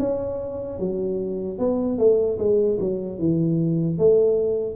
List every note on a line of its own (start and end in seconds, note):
0.00 0.79 C#4
0.79 1.59 F#3
1.59 1.99 B3
1.99 2.39 A3
2.39 2.79 G#3
2.80 3.19 F#3
3.19 3.99 E3
3.99 4.77 A3